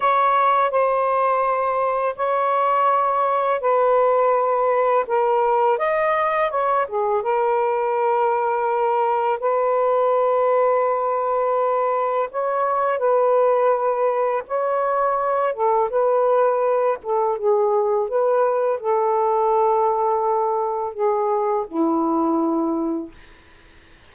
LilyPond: \new Staff \with { instrumentName = "saxophone" } { \time 4/4 \tempo 4 = 83 cis''4 c''2 cis''4~ | cis''4 b'2 ais'4 | dis''4 cis''8 gis'8 ais'2~ | ais'4 b'2.~ |
b'4 cis''4 b'2 | cis''4. a'8 b'4. a'8 | gis'4 b'4 a'2~ | a'4 gis'4 e'2 | }